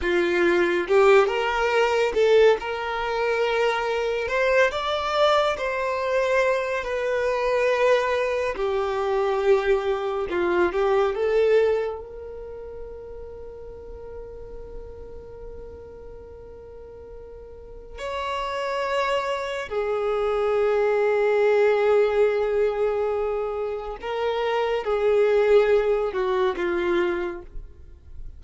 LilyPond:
\new Staff \with { instrumentName = "violin" } { \time 4/4 \tempo 4 = 70 f'4 g'8 ais'4 a'8 ais'4~ | ais'4 c''8 d''4 c''4. | b'2 g'2 | f'8 g'8 a'4 ais'2~ |
ais'1~ | ais'4 cis''2 gis'4~ | gis'1 | ais'4 gis'4. fis'8 f'4 | }